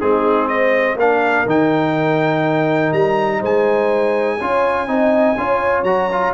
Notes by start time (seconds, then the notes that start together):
0.00 G#3 C4 D#4 G#4
0.47 C5 D#5
0.96 A#3 D4 A#4 F5
1.46 D#3 D#4 G5
2.92 G3 A#5
3.39 G#3 C5 G#5
4.37 C#4 F4 C#5
4.87 C4 D#4 D#5
5.37 C#4 F4 C#5
5.83 F#3 F#4 A#5
6.11 F4